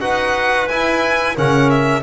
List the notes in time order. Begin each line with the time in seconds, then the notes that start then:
0.00 D#4 F#4 B4 F#5
0.68 E4 G#5
1.35 C#3 C#4 A#4 F#5
1.70 E5